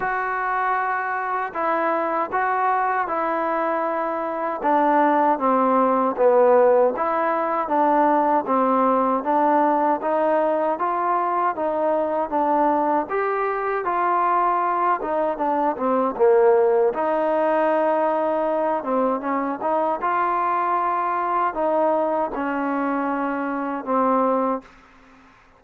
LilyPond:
\new Staff \with { instrumentName = "trombone" } { \time 4/4 \tempo 4 = 78 fis'2 e'4 fis'4 | e'2 d'4 c'4 | b4 e'4 d'4 c'4 | d'4 dis'4 f'4 dis'4 |
d'4 g'4 f'4. dis'8 | d'8 c'8 ais4 dis'2~ | dis'8 c'8 cis'8 dis'8 f'2 | dis'4 cis'2 c'4 | }